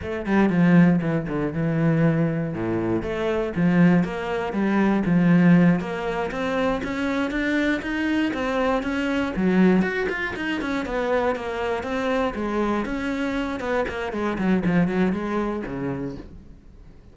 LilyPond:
\new Staff \with { instrumentName = "cello" } { \time 4/4 \tempo 4 = 119 a8 g8 f4 e8 d8 e4~ | e4 a,4 a4 f4 | ais4 g4 f4. ais8~ | ais8 c'4 cis'4 d'4 dis'8~ |
dis'8 c'4 cis'4 fis4 fis'8 | f'8 dis'8 cis'8 b4 ais4 c'8~ | c'8 gis4 cis'4. b8 ais8 | gis8 fis8 f8 fis8 gis4 cis4 | }